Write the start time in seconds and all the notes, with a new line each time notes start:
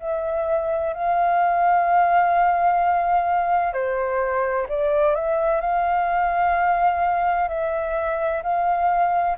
0.00 E5
0.94 F5
3.73 C5
4.69 D5
5.15 E5
5.61 F5
7.49 E5
8.43 F5